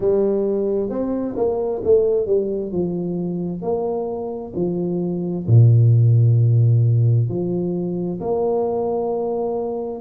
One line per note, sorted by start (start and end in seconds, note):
0.00 0.89 G3
0.89 1.35 C4
1.36 1.81 A#3
1.84 2.26 A3
2.26 2.71 G3
2.71 3.62 F3
3.62 4.52 A#3
4.55 5.46 F3
5.46 7.28 A#2
7.29 8.19 F3
8.20 10.01 A#3